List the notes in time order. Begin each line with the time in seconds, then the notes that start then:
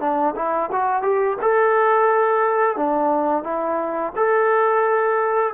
0.00 D4
0.35 E4
0.72 F#4
1.02 G4
1.41 A4
2.76 D4
3.44 E4
4.16 A4